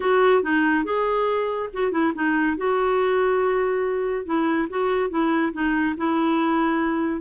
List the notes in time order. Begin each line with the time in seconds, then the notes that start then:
0.00 F#4
0.43 D#4
0.84 G#4
1.73 F#4
1.91 E4
2.14 D#4
2.57 F#4
4.25 E4
4.69 F#4
5.09 E4
5.52 D#4
5.97 E4